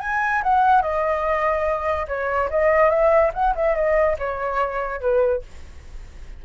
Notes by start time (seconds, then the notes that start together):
0.00 G#5
0.43 F#5
0.82 D#5
2.08 C#5
2.50 D#5
2.90 E5
3.34 F#5
3.55 E5
3.75 D#5
4.18 C#5
5.01 B4